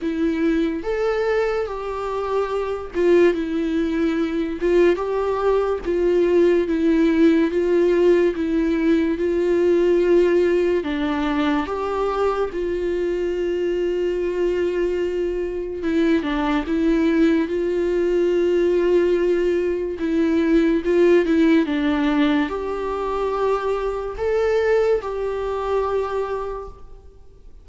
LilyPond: \new Staff \with { instrumentName = "viola" } { \time 4/4 \tempo 4 = 72 e'4 a'4 g'4. f'8 | e'4. f'8 g'4 f'4 | e'4 f'4 e'4 f'4~ | f'4 d'4 g'4 f'4~ |
f'2. e'8 d'8 | e'4 f'2. | e'4 f'8 e'8 d'4 g'4~ | g'4 a'4 g'2 | }